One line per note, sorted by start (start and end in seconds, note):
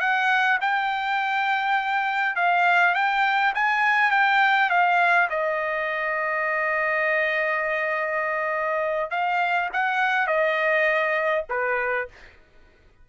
0.00 0.59 F#5
0.61 2.36 G5
2.36 2.95 F5
2.95 3.53 G5
3.55 4.11 G#5
4.11 4.70 G5
4.70 5.29 F5
5.30 9.10 D#5
9.10 9.69 F5
9.73 10.27 F#5
10.27 11.45 D#5
11.49 12.08 B4